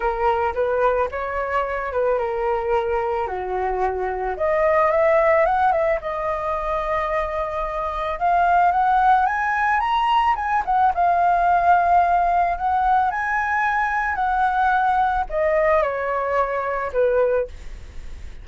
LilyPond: \new Staff \with { instrumentName = "flute" } { \time 4/4 \tempo 4 = 110 ais'4 b'4 cis''4. b'8 | ais'2 fis'2 | dis''4 e''4 fis''8 e''8 dis''4~ | dis''2. f''4 |
fis''4 gis''4 ais''4 gis''8 fis''8 | f''2. fis''4 | gis''2 fis''2 | dis''4 cis''2 b'4 | }